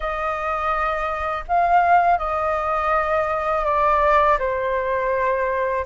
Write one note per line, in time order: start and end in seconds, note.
0.00 1.44 D#5
1.48 2.18 F5
2.18 3.65 D#5
3.65 4.38 D5
4.38 5.85 C5